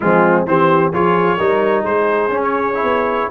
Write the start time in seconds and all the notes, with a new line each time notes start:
0.00 F3 G#3 C4 F4
0.45 E3 C4 G4 C5
0.91 F3 F4 G#4 C#5
1.36 G3 D#4 A#4
1.81 G#3 G#4 C5
2.28 C#4
2.42 C#5
2.74 E4
2.83 B3